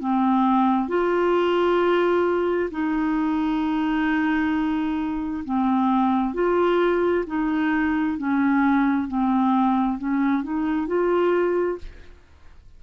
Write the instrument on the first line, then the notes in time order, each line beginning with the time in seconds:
clarinet
0.00 C4
0.88 F4
2.71 D#4
5.45 C4
6.34 F4
7.27 D#4
8.18 C#4
9.08 C4
9.98 C#4
10.43 D#4
10.87 F4